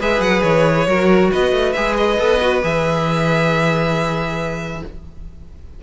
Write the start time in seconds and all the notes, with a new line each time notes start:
0.00 G#3 G#4 B4 E5
0.20 F#3 F#5
0.43 E3 C#5
0.87 F#3 F#4 A#4
1.32 B3 B4 D#5
1.52 A3
1.73 G#3 G#4 E5
1.97 D#5
2.19 B3 A4
2.41 F#4
2.62 E3 G#4 E5